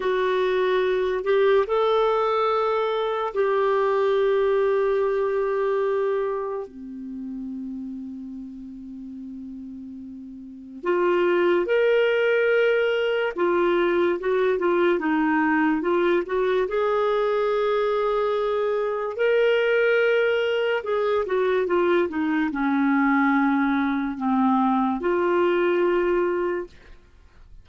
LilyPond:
\new Staff \with { instrumentName = "clarinet" } { \time 4/4 \tempo 4 = 72 fis'4. g'8 a'2 | g'1 | c'1~ | c'4 f'4 ais'2 |
f'4 fis'8 f'8 dis'4 f'8 fis'8 | gis'2. ais'4~ | ais'4 gis'8 fis'8 f'8 dis'8 cis'4~ | cis'4 c'4 f'2 | }